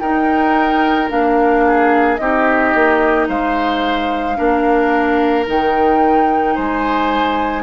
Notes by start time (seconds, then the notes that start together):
0.00 D#4 A#4 G5
1.09 A#3 D4 F5
1.66 G#4
2.17 C4 D#4 G4 D#5
2.74 A#3
3.28 G#3 C5 F5
4.36 A#3 D4 A#4
5.46 D#3 D#4 G5
6.55 G#3 C5 G#5